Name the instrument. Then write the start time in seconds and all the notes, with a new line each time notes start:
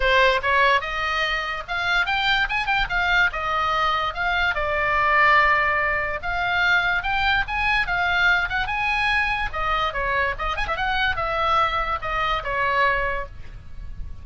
oboe
0.00 C5
0.42 C#5
0.80 D#5
1.67 F5
2.06 G5
2.49 G#5
2.66 G5
2.89 F5
3.32 D#5
4.14 F5
4.54 D5
6.22 F5
7.03 G5
7.47 G#5
7.86 F5
8.49 F#5
8.66 G#5
9.52 D#5
9.93 C#5
10.38 D#5
10.56 G#5
10.67 E5
10.76 F#5
11.16 E5
12.01 D#5
12.43 C#5